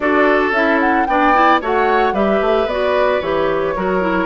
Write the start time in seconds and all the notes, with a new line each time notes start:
0.00 D4 F#4 A4 D5
0.51 C#4 E4 E5
0.79 F#5
1.06 B3 D4 D5 G5
1.33 E4
1.61 A3 F#4 C#5 F#5
2.12 G3 G4 B4 E5
2.41 A3
2.65 B3 F#4 D5
3.20 E3 G4 C#5
3.76 F#3 F#4 A#4
4.00 E4